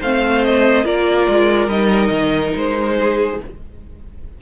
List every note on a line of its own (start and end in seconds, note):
0.00 0.85 A3
0.00 0.84 C4
0.00 0.85 C5
0.00 0.45 F5
0.45 0.86 D#5
0.84 1.27 A#3
0.84 1.68 F4
0.84 2.96 A#4
0.84 1.69 D5
1.29 1.67 G#3
1.67 2.10 G3
1.67 3.39 D#4
1.67 2.53 D#5
2.10 2.52 D#3
2.55 3.40 G#3
2.55 3.41 C5
2.99 3.41 G#4